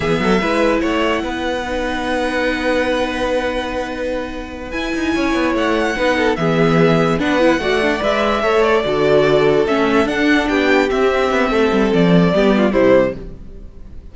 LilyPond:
<<
  \new Staff \with { instrumentName = "violin" } { \time 4/4 \tempo 4 = 146 e''2 fis''2~ | fis''1~ | fis''2.~ fis''8 gis''8~ | gis''4. fis''2 e''8~ |
e''4. fis''2 e''8~ | e''4 d''2~ d''8 e''8~ | e''8 fis''4 g''4 e''4.~ | e''4 d''2 c''4 | }
  \new Staff \with { instrumentName = "violin" } { \time 4/4 gis'8 a'8 b'4 cis''4 b'4~ | b'1~ | b'1~ | b'8 cis''2 b'8 a'8 gis'8~ |
gis'4. b'4 d''4.~ | d''8 cis''4 a'2~ a'8~ | a'4. g'2~ g'8 | a'2 g'8 f'8 e'4 | }
  \new Staff \with { instrumentName = "viola" } { \time 4/4 b4 e'2. | dis'1~ | dis'2.~ dis'8 e'8~ | e'2~ e'8 dis'4 b8~ |
b4. d'8 e'8 fis'8 d'8 b'8~ | b'8 a'4 fis'2 cis'8~ | cis'8 d'2 c'4.~ | c'2 b4 g4 | }
  \new Staff \with { instrumentName = "cello" } { \time 4/4 e8 fis8 gis4 a4 b4~ | b1~ | b2.~ b8 e'8 | dis'8 cis'8 b8 a4 b4 e8~ |
e4. b4 a4 gis8~ | gis8 a4 d2 a8~ | a8 d'4 b4 c'4 b8 | a8 g8 f4 g4 c4 | }
>>